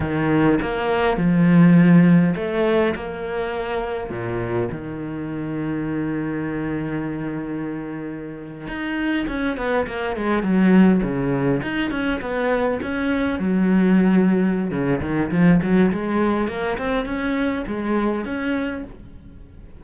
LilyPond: \new Staff \with { instrumentName = "cello" } { \time 4/4 \tempo 4 = 102 dis4 ais4 f2 | a4 ais2 ais,4 | dis1~ | dis2~ dis8. dis'4 cis'16~ |
cis'16 b8 ais8 gis8 fis4 cis4 dis'16~ | dis'16 cis'8 b4 cis'4 fis4~ fis16~ | fis4 cis8 dis8 f8 fis8 gis4 | ais8 c'8 cis'4 gis4 cis'4 | }